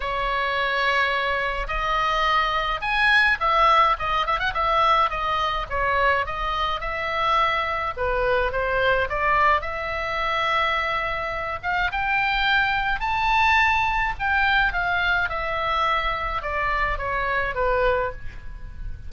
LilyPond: \new Staff \with { instrumentName = "oboe" } { \time 4/4 \tempo 4 = 106 cis''2. dis''4~ | dis''4 gis''4 e''4 dis''8 e''16 fis''16 | e''4 dis''4 cis''4 dis''4 | e''2 b'4 c''4 |
d''4 e''2.~ | e''8 f''8 g''2 a''4~ | a''4 g''4 f''4 e''4~ | e''4 d''4 cis''4 b'4 | }